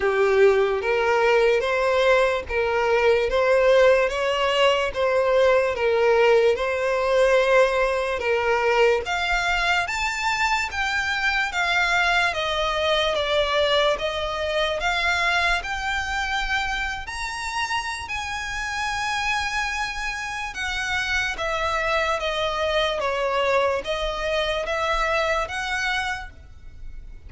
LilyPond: \new Staff \with { instrumentName = "violin" } { \time 4/4 \tempo 4 = 73 g'4 ais'4 c''4 ais'4 | c''4 cis''4 c''4 ais'4 | c''2 ais'4 f''4 | a''4 g''4 f''4 dis''4 |
d''4 dis''4 f''4 g''4~ | g''8. ais''4~ ais''16 gis''2~ | gis''4 fis''4 e''4 dis''4 | cis''4 dis''4 e''4 fis''4 | }